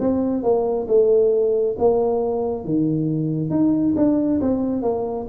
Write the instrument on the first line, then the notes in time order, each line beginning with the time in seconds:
tuba
0.00 C4
0.43 A#3
0.88 A3
1.79 A#3
2.65 D#3
3.51 D#4
3.96 D4
4.41 C4
4.82 A#3